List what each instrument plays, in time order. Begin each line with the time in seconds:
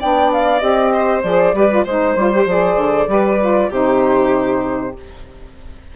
0.00 bassoon B3, saxophone D4, violin D5, flute G5
0.33 flute F5
0.59 bassoon C4, saxophone G4, flute D#5
0.93 violin C5
1.23 bassoon F3, saxophone G#4, flute D5
1.53 bassoon G3, saxophone G4, violin B4
1.70 saxophone F4
1.84 bassoon G#3, saxophone D#4, violin C5, flute C5
2.16 bassoon G3, saxophone F4
2.33 saxophone G4
2.46 bassoon F3, saxophone G#4, flute D5
2.77 bassoon D3
3.07 bassoon G3, saxophone G4, violin B4
3.40 saxophone F4
3.70 bassoon C3, saxophone D#4, violin G4, flute C5